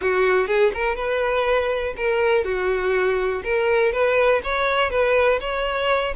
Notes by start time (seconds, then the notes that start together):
0.01 F#4
0.47 G#4
0.74 A#4
0.95 B4
1.96 A#4
2.44 F#4
3.44 A#4
3.92 B4
4.43 C#5
4.90 B4
5.40 C#5